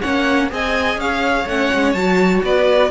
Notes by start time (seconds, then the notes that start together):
0.00 A#3 C#4 C#5 F#5
0.49 C4 G#4 D#5 G#5
0.96 C#4 C#5 F5
1.45 A3 C#4 F#5
1.73 G#3
1.92 F#3 F#4 A5
2.43 B3 B4 D5